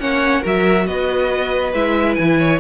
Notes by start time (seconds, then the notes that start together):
0.00 A#3 C#4 C#5 F#5
0.42 F#3 F#4 A#4 E5
0.87 B3 B4 D#5
1.74 G#3 E4 E5
2.15 E3 G#5
2.39 C#5